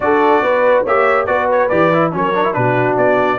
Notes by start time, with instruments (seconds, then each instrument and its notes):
0.00 tuba D4, trombone F#4, horn A4, trumpet D5
0.41 tuba B3, horn B4
0.83 tuba A#3, trombone G4, horn C#5, trumpet E5
1.26 tuba B3, trombone F#4, horn B4, trumpet D5
1.51 trumpet C#5
1.68 tuba E3, trombone G4, trumpet D5
1.93 trombone E4
2.11 tuba F#3, trombone C#4, horn A#4, trumpet C#5
2.34 trombone D4
2.44 trombone E4
2.53 tuba B2, trombone D4, horn F#4, trumpet B4
2.96 tuba B3, trumpet D5